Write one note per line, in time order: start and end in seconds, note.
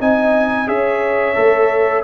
0.00 0.68 C4
0.00 0.67 D#4
0.00 0.68 D#5
0.00 0.68 G#5
0.67 1.36 C#4
0.67 1.35 G#4
0.67 2.04 C#5
0.67 2.04 E5
1.35 2.04 A3
1.35 2.03 A4